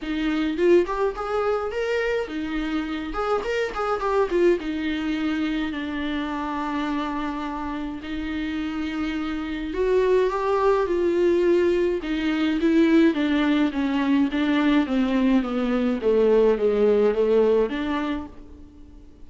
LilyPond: \new Staff \with { instrumentName = "viola" } { \time 4/4 \tempo 4 = 105 dis'4 f'8 g'8 gis'4 ais'4 | dis'4. gis'8 ais'8 gis'8 g'8 f'8 | dis'2 d'2~ | d'2 dis'2~ |
dis'4 fis'4 g'4 f'4~ | f'4 dis'4 e'4 d'4 | cis'4 d'4 c'4 b4 | a4 gis4 a4 d'4 | }